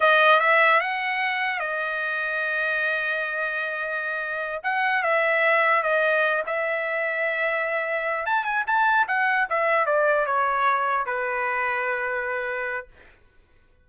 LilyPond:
\new Staff \with { instrumentName = "trumpet" } { \time 4/4 \tempo 4 = 149 dis''4 e''4 fis''2 | dis''1~ | dis''2.~ dis''8 fis''8~ | fis''8 e''2 dis''4. |
e''1~ | e''8 a''8 gis''8 a''4 fis''4 e''8~ | e''8 d''4 cis''2 b'8~ | b'1 | }